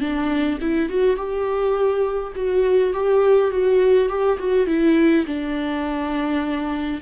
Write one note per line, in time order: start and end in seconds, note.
0.00 0.58 D4
0.61 0.89 E4
0.89 1.17 F#4
1.17 2.33 G4
2.35 2.93 F#4
2.93 3.51 G4
3.51 4.09 F#4
4.09 4.38 G4
4.39 4.67 F#4
4.67 5.25 E4
5.26 7.01 D4